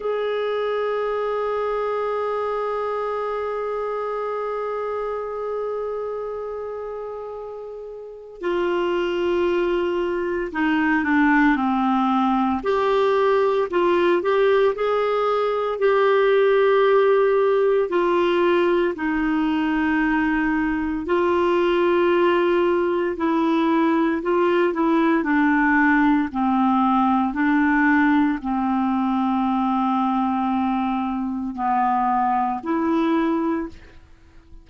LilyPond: \new Staff \with { instrumentName = "clarinet" } { \time 4/4 \tempo 4 = 57 gis'1~ | gis'1 | f'2 dis'8 d'8 c'4 | g'4 f'8 g'8 gis'4 g'4~ |
g'4 f'4 dis'2 | f'2 e'4 f'8 e'8 | d'4 c'4 d'4 c'4~ | c'2 b4 e'4 | }